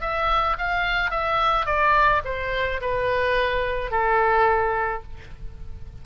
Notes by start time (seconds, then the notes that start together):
0.00 E5
0.58 F5
1.10 E5
1.65 D5
2.24 C5
2.81 B4
3.90 A4